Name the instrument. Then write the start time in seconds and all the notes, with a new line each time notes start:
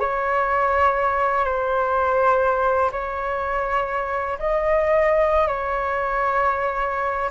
flute
0.00 C#5
1.45 C5
2.92 C#5
4.39 D#5
5.48 C#5